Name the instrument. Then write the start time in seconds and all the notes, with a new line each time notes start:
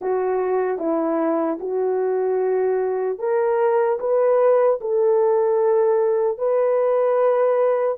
horn
0.01 F#4
0.78 E4
1.60 F#4
3.18 A#4
3.99 B4
4.80 A4
6.37 B4